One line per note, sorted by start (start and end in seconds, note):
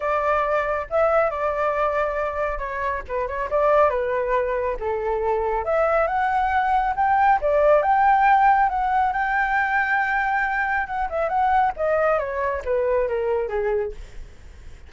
0.00 0.87 D5
0.90 1.30 E5
1.30 2.58 D5
2.58 3.01 C#5
3.08 3.27 B4
3.27 3.49 C#5
3.50 3.89 D5
3.89 4.76 B4
4.79 5.64 A4
5.64 6.07 E5
6.07 6.93 F#5
6.96 7.39 G5
7.41 7.82 D5
7.82 8.69 G5
8.69 9.12 F#5
9.12 10.86 G5
10.86 11.08 F#5
11.09 11.28 E5
11.28 11.72 F#5
11.76 12.18 D#5
12.18 12.62 C#5
12.64 13.08 B4
13.08 13.48 A#4
13.48 13.92 G#4